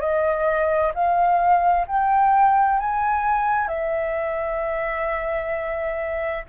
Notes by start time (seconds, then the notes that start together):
0.00 D#5
0.94 F5
1.87 G5
2.79 G#5
3.68 E5